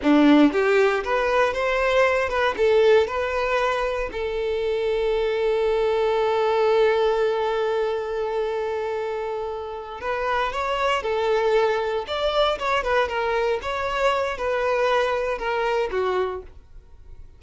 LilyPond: \new Staff \with { instrumentName = "violin" } { \time 4/4 \tempo 4 = 117 d'4 g'4 b'4 c''4~ | c''8 b'8 a'4 b'2 | a'1~ | a'1~ |
a'2.~ a'8 b'8~ | b'8 cis''4 a'2 d''8~ | d''8 cis''8 b'8 ais'4 cis''4. | b'2 ais'4 fis'4 | }